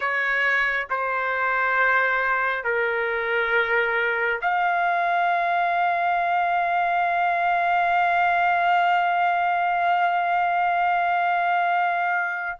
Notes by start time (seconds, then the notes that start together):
0.00 C#5
0.89 C5
2.64 A#4
4.41 F5